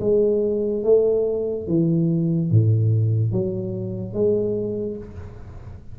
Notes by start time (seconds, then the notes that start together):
0.00 G#3
0.84 A3
1.67 E3
2.51 A2
3.32 F#3
4.13 G#3